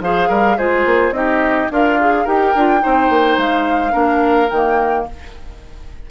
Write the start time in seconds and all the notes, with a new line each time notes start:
0.00 F3 G#4 C5 F5
0.28 G3 A#4
0.57 G#3 F4 G#4 C5
0.85 A#3
1.11 C4 D#4 G4 D#5
1.71 D4 F4 A#4 F5
2.00 G#4
2.24 D#4 G4 A#4 G5
2.54 D4 F4
2.79 C4 D#4 C5
3.09 A#3
3.37 G#3 F5
3.91 A#3 D4 A#4
4.50 D#3 A#3 G5